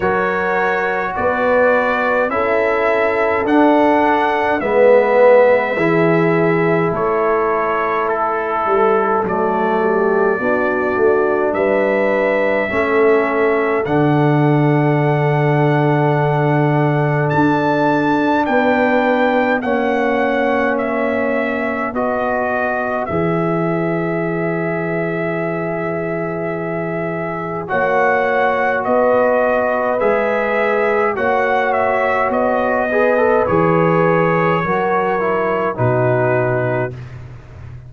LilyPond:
<<
  \new Staff \with { instrumentName = "trumpet" } { \time 4/4 \tempo 4 = 52 cis''4 d''4 e''4 fis''4 | e''2 cis''4 a'4 | d''2 e''2 | fis''2. a''4 |
g''4 fis''4 e''4 dis''4 | e''1 | fis''4 dis''4 e''4 fis''8 e''8 | dis''4 cis''2 b'4 | }
  \new Staff \with { instrumentName = "horn" } { \time 4/4 ais'4 b'4 a'2 | b'4 gis'4 a'2~ | a'8 g'8 fis'4 b'4 a'4~ | a'1 |
b'4 cis''2 b'4~ | b'1 | cis''4 b'2 cis''4~ | cis''8 b'4. ais'4 fis'4 | }
  \new Staff \with { instrumentName = "trombone" } { \time 4/4 fis'2 e'4 d'4 | b4 e'2. | a4 d'2 cis'4 | d'1~ |
d'4 cis'2 fis'4 | gis'1 | fis'2 gis'4 fis'4~ | fis'8 gis'16 a'16 gis'4 fis'8 e'8 dis'4 | }
  \new Staff \with { instrumentName = "tuba" } { \time 4/4 fis4 b4 cis'4 d'4 | gis4 e4 a4. g8 | fis4 b8 a8 g4 a4 | d2. d'4 |
b4 ais2 b4 | e1 | ais4 b4 gis4 ais4 | b4 e4 fis4 b,4 | }
>>